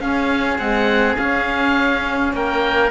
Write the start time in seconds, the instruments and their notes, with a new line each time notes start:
0.00 cello C#4, trombone C#4, oboe G#4 F5
0.58 trombone G#3, cello C4, oboe F#5
1.17 trombone C#4, cello C#4, oboe F5
2.33 cello A#3, oboe A#4 G5